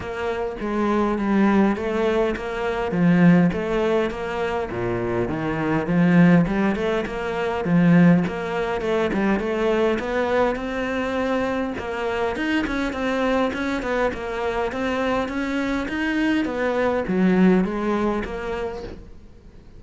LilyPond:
\new Staff \with { instrumentName = "cello" } { \time 4/4 \tempo 4 = 102 ais4 gis4 g4 a4 | ais4 f4 a4 ais4 | ais,4 dis4 f4 g8 a8 | ais4 f4 ais4 a8 g8 |
a4 b4 c'2 | ais4 dis'8 cis'8 c'4 cis'8 b8 | ais4 c'4 cis'4 dis'4 | b4 fis4 gis4 ais4 | }